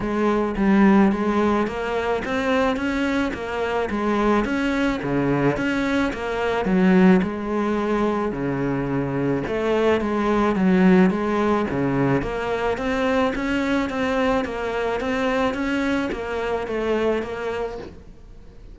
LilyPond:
\new Staff \with { instrumentName = "cello" } { \time 4/4 \tempo 4 = 108 gis4 g4 gis4 ais4 | c'4 cis'4 ais4 gis4 | cis'4 cis4 cis'4 ais4 | fis4 gis2 cis4~ |
cis4 a4 gis4 fis4 | gis4 cis4 ais4 c'4 | cis'4 c'4 ais4 c'4 | cis'4 ais4 a4 ais4 | }